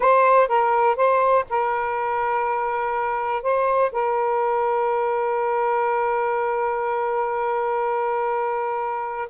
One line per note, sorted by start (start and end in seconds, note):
0.00 0.48 C5
0.48 0.96 A#4
0.96 1.45 C5
1.49 3.42 A#4
3.42 3.91 C5
3.92 9.28 A#4